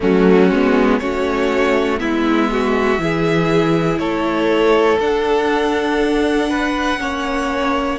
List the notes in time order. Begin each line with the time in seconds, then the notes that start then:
0.00 F#3 A3 C#4 F#4
0.50 G#3 B3
0.99 A3 C#4 F#4 C#5
1.98 G#3 B3 E4 E5
2.52 F#4
2.98 E3 E4 G#4
3.98 A3 A4 C#5
4.99 D4 F#5
6.49 B4
6.98 A#3 C#4 C#5